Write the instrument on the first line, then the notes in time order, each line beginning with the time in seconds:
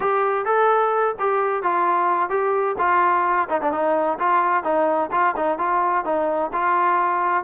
trombone
0.00 G4
0.45 A4
1.19 G4
1.62 F4
2.29 G4
2.78 F4
3.49 D#4
3.61 D4
3.71 D#4
4.19 F4
4.63 D#4
5.11 F4
5.36 D#4
5.58 F4
6.04 D#4
6.52 F4